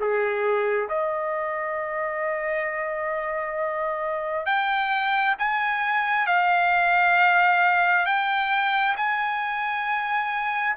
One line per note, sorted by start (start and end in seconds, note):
0.00 0.88 G#4
0.88 4.46 D#5
4.46 5.35 G5
5.38 6.26 G#5
6.26 8.06 F5
8.06 8.95 G5
8.96 10.75 G#5